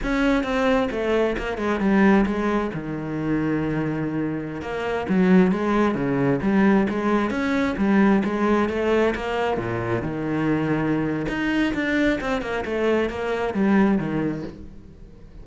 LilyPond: \new Staff \with { instrumentName = "cello" } { \time 4/4 \tempo 4 = 133 cis'4 c'4 a4 ais8 gis8 | g4 gis4 dis2~ | dis2~ dis16 ais4 fis8.~ | fis16 gis4 cis4 g4 gis8.~ |
gis16 cis'4 g4 gis4 a8.~ | a16 ais4 ais,4 dis4.~ dis16~ | dis4 dis'4 d'4 c'8 ais8 | a4 ais4 g4 dis4 | }